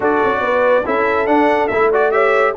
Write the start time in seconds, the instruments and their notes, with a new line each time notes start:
0.00 tuba D4, trombone F#4, horn A4, trumpet D5
0.24 tuba C#4
0.40 tuba B3, horn B4
0.84 tuba C#4, trombone E4, horn A4, trumpet E5
1.26 tuba D4, trombone D4, trumpet F#5
1.67 tuba A3, trombone E4, trumpet E5
1.90 trombone F#4, horn D5, trumpet D5
2.11 trombone G4, horn C#5, trumpet E5